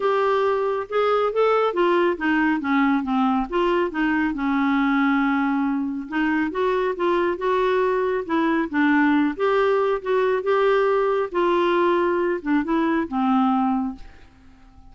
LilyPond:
\new Staff \with { instrumentName = "clarinet" } { \time 4/4 \tempo 4 = 138 g'2 gis'4 a'4 | f'4 dis'4 cis'4 c'4 | f'4 dis'4 cis'2~ | cis'2 dis'4 fis'4 |
f'4 fis'2 e'4 | d'4. g'4. fis'4 | g'2 f'2~ | f'8 d'8 e'4 c'2 | }